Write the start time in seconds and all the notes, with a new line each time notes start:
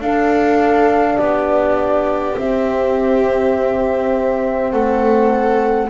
0.00 D4 A4 F5
1.17 B3 G4 D5
2.37 C4 E5
4.72 A3 A4 F#5